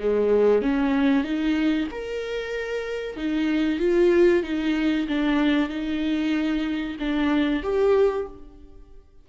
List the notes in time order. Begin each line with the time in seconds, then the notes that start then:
0.00 G#3
0.63 C#4
1.24 D#4
1.92 A#4
3.17 D#4
3.80 F4
4.44 D#4
5.08 D4
5.70 D#4
7.00 D4
7.63 G4